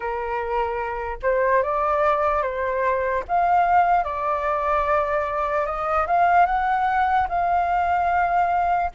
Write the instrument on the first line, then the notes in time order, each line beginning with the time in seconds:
flute
0.00 A#4
1.22 C5
1.62 D5
2.42 C5
3.28 F5
4.04 D5
5.65 D#5
6.06 F5
6.46 F#5
7.28 F5